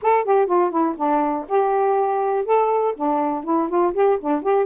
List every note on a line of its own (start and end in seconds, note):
0.02 0.24 A4
0.24 0.46 G4
0.46 0.70 F4
0.70 0.95 E4
0.96 1.46 D4
1.48 2.45 G4
2.45 2.94 A4
2.96 3.44 D4
3.44 3.68 E4
3.68 3.93 F4
3.93 4.18 G4
4.20 4.42 D4
4.42 4.66 G4